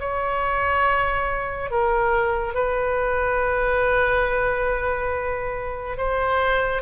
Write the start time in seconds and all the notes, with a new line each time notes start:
0.00 C#5
1.71 A#4
2.54 B4
5.98 C5